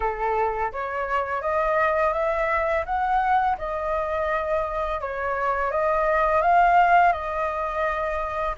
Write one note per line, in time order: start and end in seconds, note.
0.00 0.71 A4
0.72 1.41 C#5
1.41 2.13 D#5
2.13 2.84 E5
2.85 3.56 F#5
3.58 5.01 D#5
5.01 5.71 C#5
5.71 6.41 D#5
6.41 7.12 F5
7.12 8.55 D#5